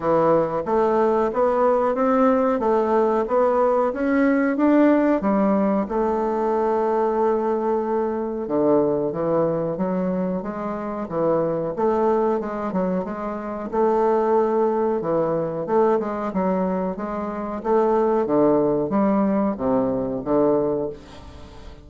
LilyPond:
\new Staff \with { instrumentName = "bassoon" } { \time 4/4 \tempo 4 = 92 e4 a4 b4 c'4 | a4 b4 cis'4 d'4 | g4 a2.~ | a4 d4 e4 fis4 |
gis4 e4 a4 gis8 fis8 | gis4 a2 e4 | a8 gis8 fis4 gis4 a4 | d4 g4 c4 d4 | }